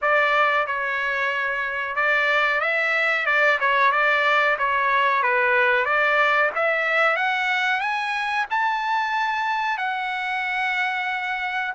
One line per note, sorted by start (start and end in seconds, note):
0.01 0.66 D5
0.66 1.95 C#5
1.95 2.60 D5
2.60 3.25 E5
3.25 3.58 D5
3.60 3.91 C#5
3.91 4.57 D5
4.58 5.23 C#5
5.23 5.85 B4
5.85 6.50 D5
6.55 7.16 E5
7.16 7.80 F#5
7.80 8.45 G#5
8.50 9.77 A5
9.77 11.73 F#5